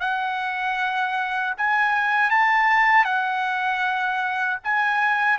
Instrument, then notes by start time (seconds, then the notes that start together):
trumpet
0.00 F#5
1.57 G#5
2.30 A5
3.04 F#5
4.63 G#5